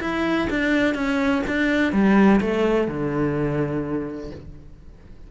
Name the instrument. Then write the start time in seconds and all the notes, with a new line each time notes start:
cello
0.00 E4
0.49 D4
0.94 C#4
1.47 D4
1.92 G3
2.40 A3
2.87 D3